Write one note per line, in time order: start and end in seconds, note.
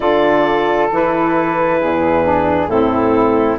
0.00 0.89 D3
0.00 0.89 F4
0.00 1.79 A4
0.00 0.89 D5
0.90 1.81 E3
0.90 2.23 E4
0.90 2.68 B4
1.80 2.67 E2
1.80 2.69 G#4
2.23 2.68 D4
2.67 3.56 A2
2.67 3.58 C4
2.67 3.59 E4
2.67 3.58 A4